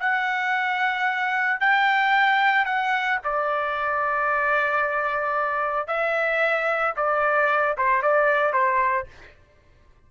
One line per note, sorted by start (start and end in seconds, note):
0.00 1.60 F#5
1.60 2.66 G5
2.66 3.19 F#5
3.24 5.88 D5
5.88 6.95 E5
6.96 7.77 D5
7.78 8.03 C5
8.03 8.53 D5
8.53 9.07 C5